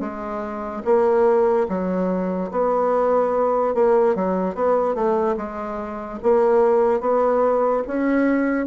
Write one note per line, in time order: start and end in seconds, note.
0.00 0.82 G#3
0.84 1.67 A#3
1.68 2.51 F#3
2.51 3.74 B3
3.74 4.15 A#3
4.15 4.55 F#3
4.55 4.95 B3
4.95 5.36 A3
5.37 6.19 G#3
6.22 7.00 A#3
7.00 7.82 B3
7.87 8.66 C#4